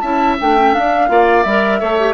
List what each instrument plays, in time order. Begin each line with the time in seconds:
0.00 bassoon C#4, clarinet E4, oboe E5, flute A5
0.39 bassoon A3, clarinet D4, flute G5
0.56 clarinet C#4
0.74 clarinet D4, bassoon D4, flute F5
1.08 bassoon A#3, clarinet F4, oboe D5
1.43 bassoon G3, clarinet A#4, flute E5
1.80 bassoon A3, clarinet A4, oboe C#5
2.00 clarinet G4